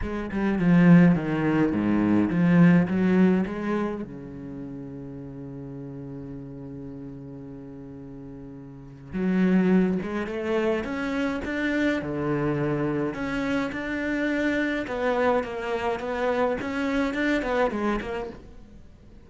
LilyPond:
\new Staff \with { instrumentName = "cello" } { \time 4/4 \tempo 4 = 105 gis8 g8 f4 dis4 gis,4 | f4 fis4 gis4 cis4~ | cis1~ | cis1 |
fis4. gis8 a4 cis'4 | d'4 d2 cis'4 | d'2 b4 ais4 | b4 cis'4 d'8 b8 gis8 ais8 | }